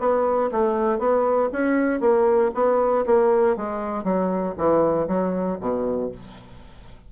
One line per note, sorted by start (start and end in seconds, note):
0.00 0.51 B3
0.52 0.99 A3
0.99 1.50 B3
1.53 2.01 C#4
2.01 2.52 A#3
2.55 3.06 B3
3.06 3.57 A#3
3.57 4.04 G#3
4.04 4.55 F#3
4.58 5.08 E3
5.08 5.59 F#3
5.61 6.12 B2